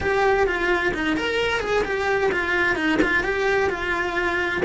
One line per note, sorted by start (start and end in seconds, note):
0.00 0.46 G4
0.46 0.93 F4
0.94 1.16 D#4
1.16 1.60 A#4
1.60 1.83 G#4
1.84 2.30 G4
2.31 2.75 F4
2.75 2.98 D#4
3.01 3.23 F4
3.23 3.69 G4
3.69 4.62 F4